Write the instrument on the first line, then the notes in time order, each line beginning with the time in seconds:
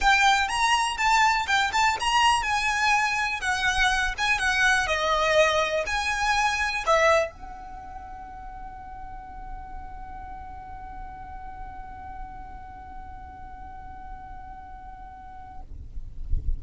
violin
0.00 G5
0.48 A#5
0.97 A5
1.47 G5
1.72 A5
2.00 A#5
2.42 G#5
3.41 F#5
4.18 G#5
4.38 F#5
4.86 D#5
5.86 G#5
6.86 E5
7.31 F#5